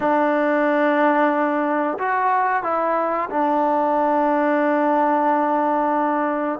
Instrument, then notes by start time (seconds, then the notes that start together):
trombone
0.00 D4
1.98 F#4
2.63 E4
3.30 D4